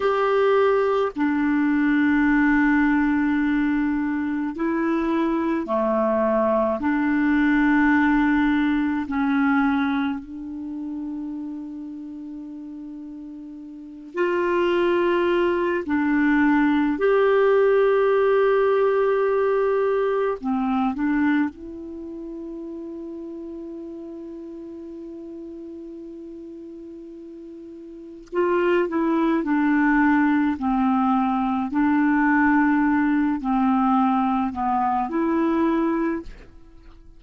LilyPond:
\new Staff \with { instrumentName = "clarinet" } { \time 4/4 \tempo 4 = 53 g'4 d'2. | e'4 a4 d'2 | cis'4 d'2.~ | d'8 f'4. d'4 g'4~ |
g'2 c'8 d'8 e'4~ | e'1~ | e'4 f'8 e'8 d'4 c'4 | d'4. c'4 b8 e'4 | }